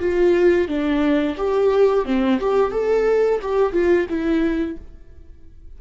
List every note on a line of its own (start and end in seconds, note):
0.00 0.68 F4
0.68 1.36 D4
1.37 2.05 G4
2.05 2.39 C4
2.40 2.71 G4
2.71 3.40 A4
3.42 3.73 G4
3.73 4.07 F4
4.09 4.77 E4